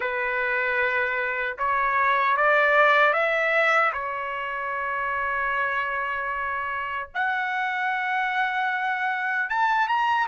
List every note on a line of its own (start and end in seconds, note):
0.00 1.57 B4
1.58 2.36 C#5
2.36 3.13 D5
3.13 3.92 E5
3.93 7.08 C#5
7.14 9.49 F#5
9.49 9.88 A5
9.88 10.27 A#5